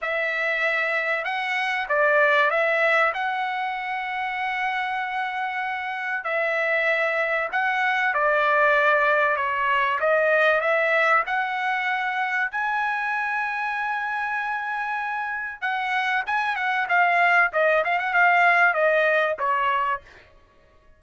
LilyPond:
\new Staff \with { instrumentName = "trumpet" } { \time 4/4 \tempo 4 = 96 e''2 fis''4 d''4 | e''4 fis''2.~ | fis''2 e''2 | fis''4 d''2 cis''4 |
dis''4 e''4 fis''2 | gis''1~ | gis''4 fis''4 gis''8 fis''8 f''4 | dis''8 f''16 fis''16 f''4 dis''4 cis''4 | }